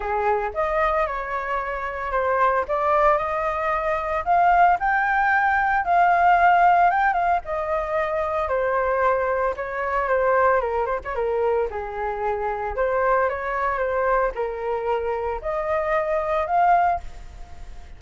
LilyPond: \new Staff \with { instrumentName = "flute" } { \time 4/4 \tempo 4 = 113 gis'4 dis''4 cis''2 | c''4 d''4 dis''2 | f''4 g''2 f''4~ | f''4 g''8 f''8 dis''2 |
c''2 cis''4 c''4 | ais'8 c''16 cis''16 ais'4 gis'2 | c''4 cis''4 c''4 ais'4~ | ais'4 dis''2 f''4 | }